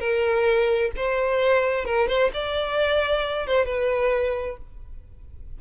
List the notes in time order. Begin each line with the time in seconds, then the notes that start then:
0.00 A#4
0.97 C5
1.85 A#4
2.08 C5
2.34 D5
3.47 C5
3.66 B4